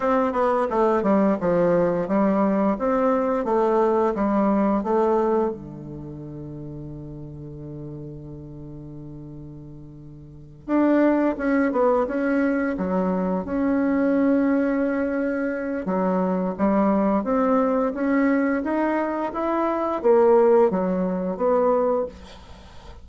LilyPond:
\new Staff \with { instrumentName = "bassoon" } { \time 4/4 \tempo 4 = 87 c'8 b8 a8 g8 f4 g4 | c'4 a4 g4 a4 | d1~ | d2.~ d8 d'8~ |
d'8 cis'8 b8 cis'4 fis4 cis'8~ | cis'2. fis4 | g4 c'4 cis'4 dis'4 | e'4 ais4 fis4 b4 | }